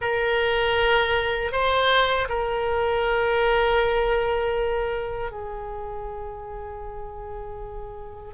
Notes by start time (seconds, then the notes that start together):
0.01 A#4
1.52 C5
2.29 A#4
5.31 G#4